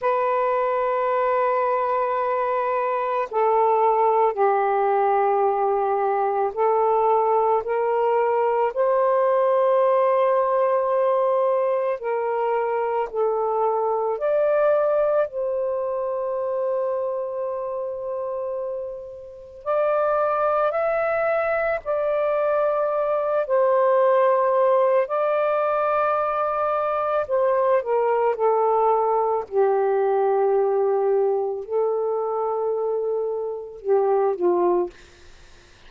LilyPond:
\new Staff \with { instrumentName = "saxophone" } { \time 4/4 \tempo 4 = 55 b'2. a'4 | g'2 a'4 ais'4 | c''2. ais'4 | a'4 d''4 c''2~ |
c''2 d''4 e''4 | d''4. c''4. d''4~ | d''4 c''8 ais'8 a'4 g'4~ | g'4 a'2 g'8 f'8 | }